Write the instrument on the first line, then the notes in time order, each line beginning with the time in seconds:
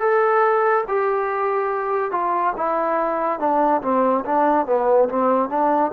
trombone
0.00 A4
0.88 G4
2.12 F4
2.57 E4
3.40 D4
3.82 C4
4.25 D4
4.67 B3
5.09 C4
5.50 D4